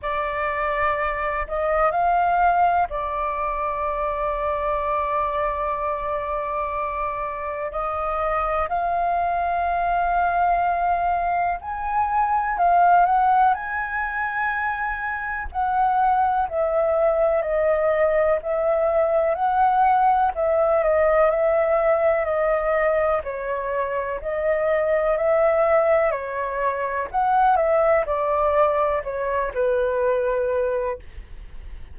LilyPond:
\new Staff \with { instrumentName = "flute" } { \time 4/4 \tempo 4 = 62 d''4. dis''8 f''4 d''4~ | d''1 | dis''4 f''2. | gis''4 f''8 fis''8 gis''2 |
fis''4 e''4 dis''4 e''4 | fis''4 e''8 dis''8 e''4 dis''4 | cis''4 dis''4 e''4 cis''4 | fis''8 e''8 d''4 cis''8 b'4. | }